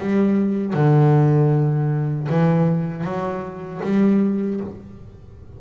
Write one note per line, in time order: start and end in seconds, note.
0.00 0.74 G3
0.74 2.28 D3
2.29 3.04 E3
3.04 3.81 F#3
3.84 4.60 G3